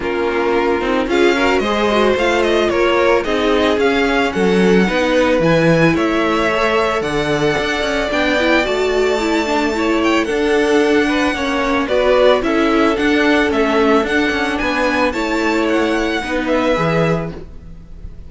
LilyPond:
<<
  \new Staff \with { instrumentName = "violin" } { \time 4/4 \tempo 4 = 111 ais'2 f''4 dis''4 | f''8 dis''8 cis''4 dis''4 f''4 | fis''2 gis''4 e''4~ | e''4 fis''2 g''4 |
a''2~ a''8 g''8 fis''4~ | fis''2 d''4 e''4 | fis''4 e''4 fis''4 gis''4 | a''4 fis''4. e''4. | }
  \new Staff \with { instrumentName = "violin" } { \time 4/4 f'2 gis'8 ais'8 c''4~ | c''4 ais'4 gis'2 | a'4 b'2 cis''4~ | cis''4 d''2.~ |
d''2 cis''4 a'4~ | a'8 b'8 cis''4 b'4 a'4~ | a'2. b'4 | cis''2 b'2 | }
  \new Staff \with { instrumentName = "viola" } { \time 4/4 cis'4. dis'8 f'8 fis'8 gis'8 fis'8 | f'2 dis'4 cis'4~ | cis'4 dis'4 e'2 | a'2. d'8 e'8 |
fis'4 e'8 d'8 e'4 d'4~ | d'4 cis'4 fis'4 e'4 | d'4 cis'4 d'2 | e'2 dis'4 gis'4 | }
  \new Staff \with { instrumentName = "cello" } { \time 4/4 ais4. c'8 cis'4 gis4 | a4 ais4 c'4 cis'4 | fis4 b4 e4 a4~ | a4 d4 d'8 cis'8 b4 |
a2. d'4~ | d'4 ais4 b4 cis'4 | d'4 a4 d'8 cis'8 b4 | a2 b4 e4 | }
>>